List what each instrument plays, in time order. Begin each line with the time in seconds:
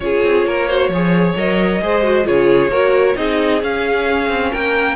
0.00 cello C#4, viola F4, violin G#4 C#5
0.23 cello C4
0.45 cello A#3, violin A#4
0.67 viola F#4, violin C5
0.88 cello F3, viola G#4, violin C#5
1.36 cello F#3, viola A#4, violin D#5
1.81 cello G#3, viola G#4, violin C5
2.03 viola F#4
2.23 cello C#3, viola F4, violin G#4 C#5
2.68 cello A#3, viola F#4, violin A#4
3.15 cello C4, viola D#4, violin G#4 D#5
3.61 viola C#4, cello C#4, violin F5
4.29 cello C4
4.50 cello A#3, violin A#4 G5